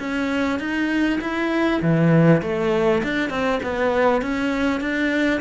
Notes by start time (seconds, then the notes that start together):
0.00 C#4
0.60 D#4
1.22 E4
1.82 E3
2.42 A3
3.04 D4
3.30 C4
3.64 B3
4.22 C#4
4.81 D4